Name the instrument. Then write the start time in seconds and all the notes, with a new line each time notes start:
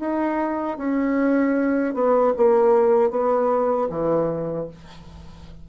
bassoon
0.00 D#4
0.78 C#4
1.94 B3
2.37 A#3
3.11 B3
3.90 E3